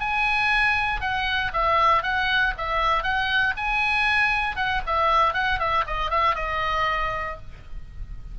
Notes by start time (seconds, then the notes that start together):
0.00 G#5
1.01 F#5
1.53 E5
2.03 F#5
2.58 E5
3.03 F#5
3.57 G#5
4.56 F#5
4.86 E5
5.34 F#5
5.59 E5
5.87 D#5
6.10 E5
6.35 D#5